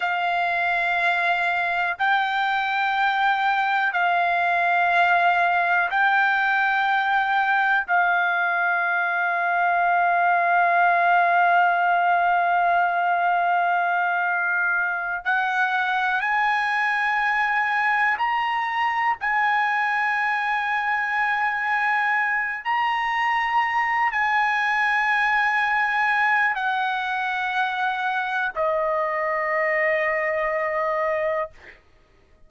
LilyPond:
\new Staff \with { instrumentName = "trumpet" } { \time 4/4 \tempo 4 = 61 f''2 g''2 | f''2 g''2 | f''1~ | f''2.~ f''8 fis''8~ |
fis''8 gis''2 ais''4 gis''8~ | gis''2. ais''4~ | ais''8 gis''2~ gis''8 fis''4~ | fis''4 dis''2. | }